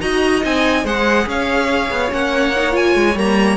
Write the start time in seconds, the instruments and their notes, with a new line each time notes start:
0.00 cello D#4, viola F#4, violin D#5 A#5
0.42 cello C4, viola D#4, violin G#5
0.84 cello G#3, viola G#4, violin C5 F#5
1.26 cello C#4, violin C#5 F5
1.90 cello B3
2.11 cello A#3, viola C#4, violin F#5
2.56 viola D#4
2.71 viola F4, violin G#5
2.95 cello G#3
3.15 cello G3, viola A#3, violin A#5